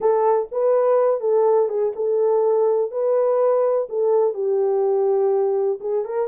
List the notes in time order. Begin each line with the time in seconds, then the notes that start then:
0.00 A4
0.51 B4
1.20 A4
1.68 G#4
1.95 A4
2.91 B4
3.89 A4
4.34 G4
5.80 G#4
6.05 A#4